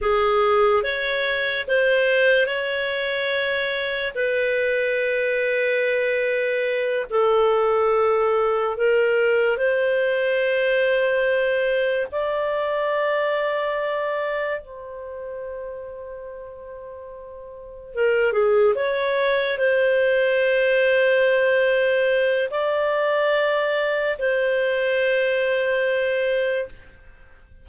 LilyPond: \new Staff \with { instrumentName = "clarinet" } { \time 4/4 \tempo 4 = 72 gis'4 cis''4 c''4 cis''4~ | cis''4 b'2.~ | b'8 a'2 ais'4 c''8~ | c''2~ c''8 d''4.~ |
d''4. c''2~ c''8~ | c''4. ais'8 gis'8 cis''4 c''8~ | c''2. d''4~ | d''4 c''2. | }